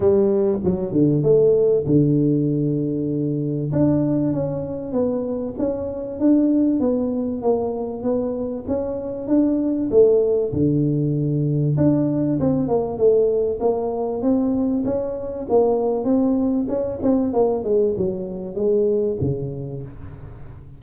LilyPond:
\new Staff \with { instrumentName = "tuba" } { \time 4/4 \tempo 4 = 97 g4 fis8 d8 a4 d4~ | d2 d'4 cis'4 | b4 cis'4 d'4 b4 | ais4 b4 cis'4 d'4 |
a4 d2 d'4 | c'8 ais8 a4 ais4 c'4 | cis'4 ais4 c'4 cis'8 c'8 | ais8 gis8 fis4 gis4 cis4 | }